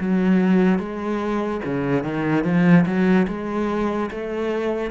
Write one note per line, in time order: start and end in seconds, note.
0.00 0.78 F#3
0.78 1.61 G#3
1.65 2.03 C#3
2.03 2.44 D#3
2.44 2.85 F3
2.85 3.27 F#3
3.27 4.09 G#3
4.11 4.91 A3